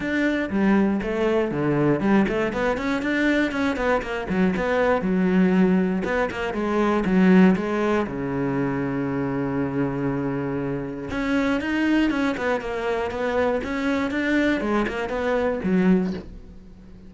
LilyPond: \new Staff \with { instrumentName = "cello" } { \time 4/4 \tempo 4 = 119 d'4 g4 a4 d4 | g8 a8 b8 cis'8 d'4 cis'8 b8 | ais8 fis8 b4 fis2 | b8 ais8 gis4 fis4 gis4 |
cis1~ | cis2 cis'4 dis'4 | cis'8 b8 ais4 b4 cis'4 | d'4 gis8 ais8 b4 fis4 | }